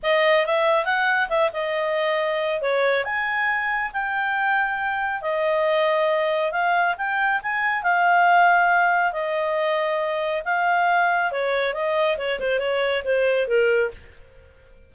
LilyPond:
\new Staff \with { instrumentName = "clarinet" } { \time 4/4 \tempo 4 = 138 dis''4 e''4 fis''4 e''8 dis''8~ | dis''2 cis''4 gis''4~ | gis''4 g''2. | dis''2. f''4 |
g''4 gis''4 f''2~ | f''4 dis''2. | f''2 cis''4 dis''4 | cis''8 c''8 cis''4 c''4 ais'4 | }